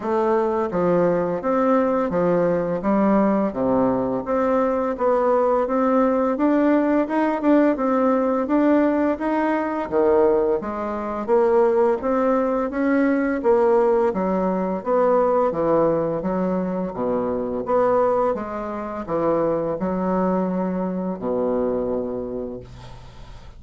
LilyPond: \new Staff \with { instrumentName = "bassoon" } { \time 4/4 \tempo 4 = 85 a4 f4 c'4 f4 | g4 c4 c'4 b4 | c'4 d'4 dis'8 d'8 c'4 | d'4 dis'4 dis4 gis4 |
ais4 c'4 cis'4 ais4 | fis4 b4 e4 fis4 | b,4 b4 gis4 e4 | fis2 b,2 | }